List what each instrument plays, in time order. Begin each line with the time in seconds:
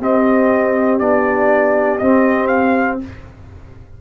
0.00 tuba C4, trombone C4, horn G4, trumpet D#5
0.99 tuba B3, trombone D4, trumpet D5
1.99 trombone C4, tuba C4, trumpet D#5
2.48 trumpet F5